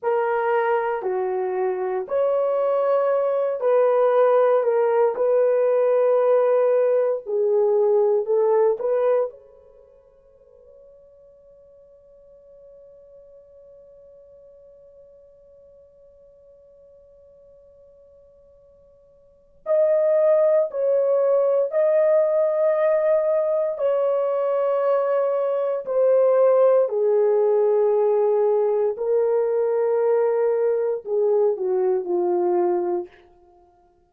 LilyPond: \new Staff \with { instrumentName = "horn" } { \time 4/4 \tempo 4 = 58 ais'4 fis'4 cis''4. b'8~ | b'8 ais'8 b'2 gis'4 | a'8 b'8 cis''2.~ | cis''1~ |
cis''2. dis''4 | cis''4 dis''2 cis''4~ | cis''4 c''4 gis'2 | ais'2 gis'8 fis'8 f'4 | }